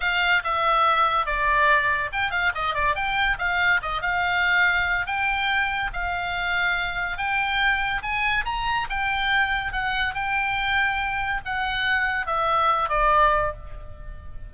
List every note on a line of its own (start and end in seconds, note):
0.00 0.42 F5
0.43 1.26 E5
1.26 2.10 D5
2.12 2.30 G5
2.30 2.52 F5
2.54 2.74 D#5
2.74 2.95 D5
2.95 3.37 G5
3.38 3.80 F5
3.82 4.01 D#5
4.01 5.06 F5
5.06 5.90 G5
5.93 7.17 F5
7.17 8.02 G5
8.02 8.44 G#5
8.45 8.87 A#5
8.89 9.72 G5
9.72 10.14 F#5
10.14 11.41 G5
11.45 12.26 F#5
12.26 12.89 E5
12.89 13.52 D5